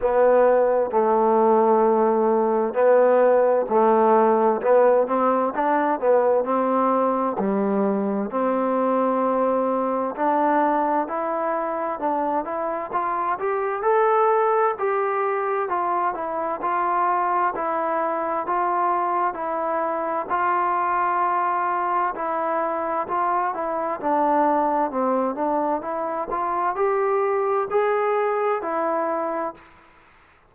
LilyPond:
\new Staff \with { instrumentName = "trombone" } { \time 4/4 \tempo 4 = 65 b4 a2 b4 | a4 b8 c'8 d'8 b8 c'4 | g4 c'2 d'4 | e'4 d'8 e'8 f'8 g'8 a'4 |
g'4 f'8 e'8 f'4 e'4 | f'4 e'4 f'2 | e'4 f'8 e'8 d'4 c'8 d'8 | e'8 f'8 g'4 gis'4 e'4 | }